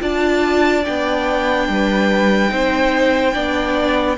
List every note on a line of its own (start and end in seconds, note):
0.00 0.85 D4
0.00 0.83 F4
0.00 1.68 D5
0.00 0.85 A5
0.85 1.69 B3
0.85 2.48 D4
0.85 4.18 G5
1.69 2.51 G3
1.69 2.51 B4
2.48 3.35 C4
2.48 3.32 D#4
2.48 3.34 C5
3.33 4.18 B3
3.33 4.16 D4
3.33 4.17 D5